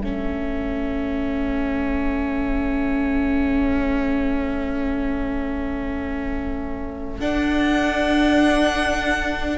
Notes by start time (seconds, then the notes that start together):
0.00 A3 C#4 A4 E5
7.20 D4 F#5